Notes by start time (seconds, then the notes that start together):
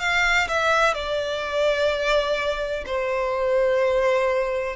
0.00 F5
0.48 E5
0.94 D5
2.87 C5